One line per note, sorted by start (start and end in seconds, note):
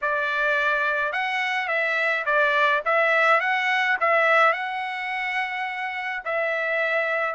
0.01 1.12 D5
1.12 1.68 F#5
1.68 2.24 E5
2.25 2.82 D5
2.85 3.40 E5
3.40 3.97 F#5
4.00 4.53 E5
4.53 6.22 F#5
6.24 7.35 E5